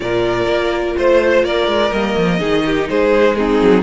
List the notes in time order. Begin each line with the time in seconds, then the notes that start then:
0.00 A#2 F4 A#4 D5
0.46 A#3
0.97 A3 C5
1.43 A#3 A#4 D5
1.67 G#3
1.91 G3 A#3 D#5
2.16 F3
2.39 D#3 D#4 G#4
2.65 G4
2.88 G#3 G#4 C5
3.35 C4 D#4 G#4
3.62 F#3